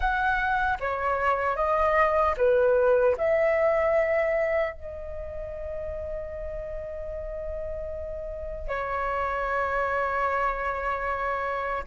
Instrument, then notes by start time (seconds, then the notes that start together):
flute
0.00 F#5
0.80 C#5
1.56 D#5
2.37 B4
3.17 E5
4.73 D#5
8.67 C#5